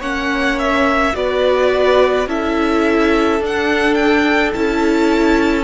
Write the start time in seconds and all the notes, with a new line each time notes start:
0.00 A#3 C#4 C#5 F#5
0.59 E5
1.13 B3 F#4 B4 D5
2.27 C#4 E4 A4 E5
3.40 D4
3.46 F#5
3.94 G5
4.54 C#4 E4 A5